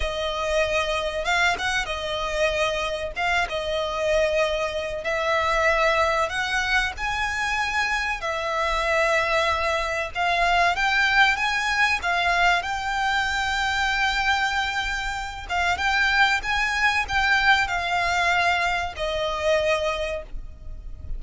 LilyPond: \new Staff \with { instrumentName = "violin" } { \time 4/4 \tempo 4 = 95 dis''2 f''8 fis''8 dis''4~ | dis''4 f''8 dis''2~ dis''8 | e''2 fis''4 gis''4~ | gis''4 e''2. |
f''4 g''4 gis''4 f''4 | g''1~ | g''8 f''8 g''4 gis''4 g''4 | f''2 dis''2 | }